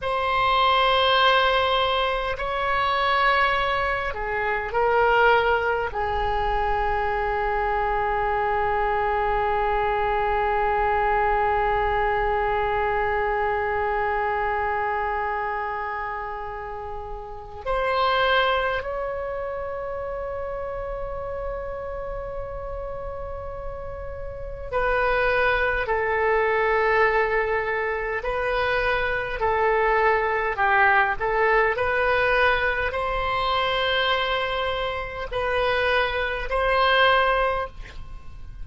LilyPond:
\new Staff \with { instrumentName = "oboe" } { \time 4/4 \tempo 4 = 51 c''2 cis''4. gis'8 | ais'4 gis'2.~ | gis'1~ | gis'2. c''4 |
cis''1~ | cis''4 b'4 a'2 | b'4 a'4 g'8 a'8 b'4 | c''2 b'4 c''4 | }